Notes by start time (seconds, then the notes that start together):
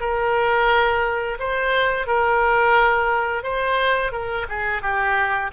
0.00 A#4
1.39 C5
2.07 A#4
3.43 C5
4.12 A#4
4.49 G#4
4.82 G4